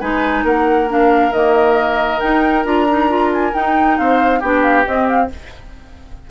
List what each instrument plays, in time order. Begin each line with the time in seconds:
0.00 bassoon G#3, clarinet D#4, oboe B4, flute G#5
0.44 bassoon A#3, oboe A#4, flute F#5
0.88 clarinet D4, flute F5
1.32 bassoon D#3, clarinet A#3, flute D#5
2.20 clarinet D#4, bassoon D#4, flute G5
2.65 bassoon D4, clarinet F4, flute A#5
2.90 clarinet D#4
3.09 clarinet F4
3.33 flute G#5
3.53 clarinet D#4, bassoon D#4, flute G5
3.98 bassoon C4, oboe C5, flute F5
4.40 bassoon B3, clarinet D4, oboe G4, flute G5
4.63 flute F5
4.85 clarinet C4, bassoon C4, flute D#5
5.08 flute F5